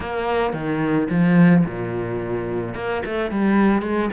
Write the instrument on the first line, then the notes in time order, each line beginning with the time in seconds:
cello
0.00 A#3
0.53 D#3
1.10 F3
1.65 A#2
2.74 A#3
3.05 A3
3.31 G3
3.82 G#3